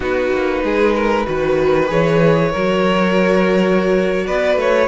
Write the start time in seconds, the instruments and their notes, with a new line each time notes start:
0.00 cello B3, viola D#4, violin F#4 B4
0.32 cello A#3
0.63 cello G#3, violin G#4
0.94 violin A#4
1.26 cello D#3, viola F#4, violin B4
1.87 cello E3, viola G#4, violin C#5
2.51 cello F#3, viola F#4, violin A#4
4.26 cello B3, violin B4 D5
4.56 cello A3, violin C#5